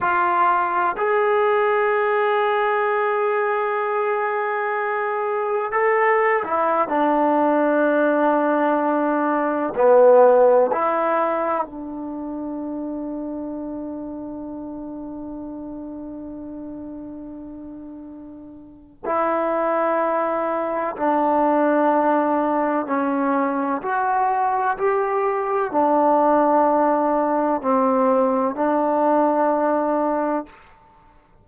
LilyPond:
\new Staff \with { instrumentName = "trombone" } { \time 4/4 \tempo 4 = 63 f'4 gis'2.~ | gis'2 a'8. e'8 d'8.~ | d'2~ d'16 b4 e'8.~ | e'16 d'2.~ d'8.~ |
d'1 | e'2 d'2 | cis'4 fis'4 g'4 d'4~ | d'4 c'4 d'2 | }